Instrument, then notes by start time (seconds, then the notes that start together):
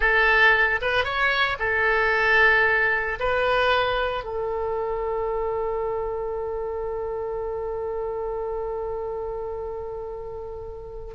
oboe
0.00 A4
0.81 B4
1.04 C#5
1.59 A4
3.19 B4
4.24 A4